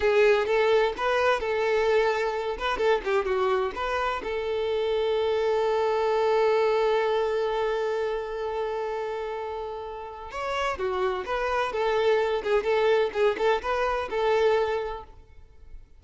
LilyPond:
\new Staff \with { instrumentName = "violin" } { \time 4/4 \tempo 4 = 128 gis'4 a'4 b'4 a'4~ | a'4. b'8 a'8 g'8 fis'4 | b'4 a'2.~ | a'1~ |
a'1~ | a'2 cis''4 fis'4 | b'4 a'4. gis'8 a'4 | gis'8 a'8 b'4 a'2 | }